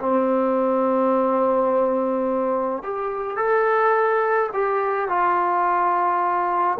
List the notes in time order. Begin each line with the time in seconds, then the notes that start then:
0.00 C4
2.83 G4
3.37 A4
4.53 G4
5.09 F4